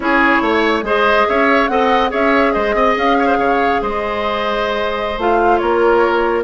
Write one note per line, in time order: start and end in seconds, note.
0.00 0.40 C#4
0.00 0.83 E4
0.00 0.42 G#4
0.00 0.83 C#5
0.41 0.82 A3
0.41 0.84 C#5
0.82 1.24 G#3
0.82 1.69 G#4
0.82 1.27 C5
0.82 1.28 D#5
1.28 1.69 C#4
1.28 1.70 C#5
1.28 1.67 E5
1.67 2.11 C4
1.67 2.09 A4
1.67 2.10 D#5
1.67 2.10 F#5
2.09 2.55 C#4
2.09 5.15 G#4
2.09 2.52 C#5
2.09 2.52 E5
2.52 2.74 G#3
2.52 2.75 C5
2.52 2.95 D#5
2.74 2.95 C4
2.74 3.17 D#5
2.96 3.37 C#4
2.96 3.82 F5
3.19 3.26 C#5
3.26 3.36 C5
3.37 3.79 C#3
3.37 3.81 C#5
3.81 5.17 G#3
3.81 5.61 C5
3.81 5.20 D#5
5.17 5.59 A3
5.17 6.43 F4
5.17 5.58 F5
5.58 6.43 A#3
5.58 6.43 A#4
5.58 6.42 C#5